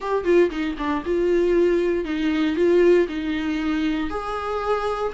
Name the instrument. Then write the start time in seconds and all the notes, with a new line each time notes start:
viola
0.00 G4
0.24 F4
0.50 D#4
0.78 D4
1.05 F4
2.05 D#4
2.55 F4
3.08 D#4
4.10 G#4